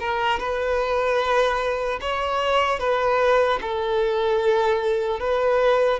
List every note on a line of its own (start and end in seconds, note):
0.00 0.40 A#4
0.40 2.00 B4
2.01 2.80 C#5
2.80 3.60 B4
3.62 5.20 A4
5.20 6.00 B4